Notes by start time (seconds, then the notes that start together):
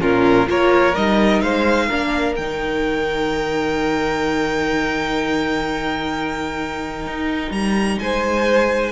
0.00 A#2 C#4 F4 A#4
0.47 A#3 F4 A#4 C#5
0.95 G3 D#4 D#5
1.41 G#3 C5 F5
1.88 A#3 D4 A#4
2.36 D#3 D#4 G5
7.07 D#4
7.50 G3 A#5
7.99 G#3 C5 G#5